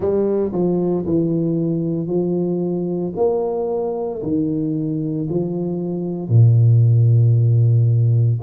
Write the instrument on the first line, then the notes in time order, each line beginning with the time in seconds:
tuba
0.00 G3
0.52 F3
1.05 E3
2.07 F3
3.16 A#3
4.22 D#3
5.29 F3
6.29 A#2